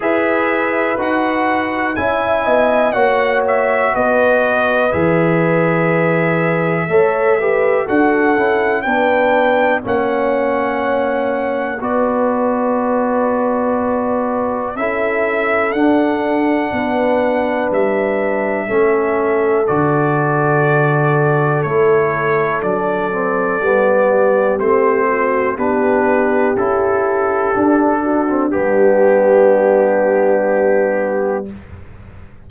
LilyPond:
<<
  \new Staff \with { instrumentName = "trumpet" } { \time 4/4 \tempo 4 = 61 e''4 fis''4 gis''4 fis''8 e''8 | dis''4 e''2. | fis''4 g''4 fis''2 | d''2. e''4 |
fis''2 e''2 | d''2 cis''4 d''4~ | d''4 c''4 b'4 a'4~ | a'4 g'2. | }
  \new Staff \with { instrumentName = "horn" } { \time 4/4 b'2 e''8 dis''8 cis''4 | b'2. cis''8 b'8 | a'4 b'4 cis''2 | b'2. a'4~ |
a'4 b'2 a'4~ | a'1~ | a'8 g'4 fis'8 g'2~ | g'8 fis'8 d'2. | }
  \new Staff \with { instrumentName = "trombone" } { \time 4/4 gis'4 fis'4 e'4 fis'4~ | fis'4 gis'2 a'8 g'8 | fis'8 e'8 d'4 cis'2 | fis'2. e'4 |
d'2. cis'4 | fis'2 e'4 d'8 c'8 | b4 c'4 d'4 e'4 | d'8. c'16 b2. | }
  \new Staff \with { instrumentName = "tuba" } { \time 4/4 e'4 dis'4 cis'8 b8 ais4 | b4 e2 a4 | d'8 cis'8 b4 ais2 | b2. cis'4 |
d'4 b4 g4 a4 | d2 a4 fis4 | g4 a4 b4 cis'4 | d'4 g2. | }
>>